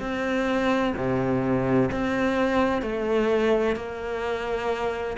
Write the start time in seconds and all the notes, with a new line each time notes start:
0.00 C4
0.96 C3
1.91 C4
2.82 A3
3.76 A#3